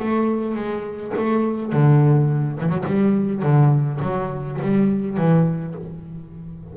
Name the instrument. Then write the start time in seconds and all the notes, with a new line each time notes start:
double bass
0.00 A3
0.56 G#3
1.17 A3
1.73 D3
2.61 E3
2.70 F#3
2.87 G3
3.43 D3
4.02 F#3
4.62 G3
5.18 E3